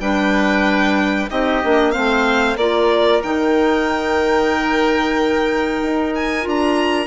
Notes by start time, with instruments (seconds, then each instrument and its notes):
0.00 bassoon G3, clarinet D4, oboe B4, violin G5
1.29 bassoon C4, clarinet D#4, oboe G4, violin D#5
1.63 bassoon A#3, clarinet D4
1.92 bassoon A3, clarinet C4, oboe C5, violin F5
2.56 bassoon A#3, clarinet F4, oboe A#4, violin D5
3.23 bassoon D#3, clarinet D#4, violin G5
5.82 bassoon D#4
6.15 violin G#5
6.42 bassoon D4, clarinet F4
6.49 violin A#5